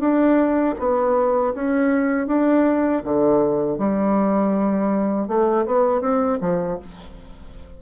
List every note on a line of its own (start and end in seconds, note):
0.00 0.75 D4
0.79 1.54 B3
1.54 2.27 C#4
2.27 3.02 D4
3.04 3.78 D3
3.78 5.28 G3
5.28 5.66 A3
5.66 6.01 B3
6.01 6.39 C4
6.41 6.78 F3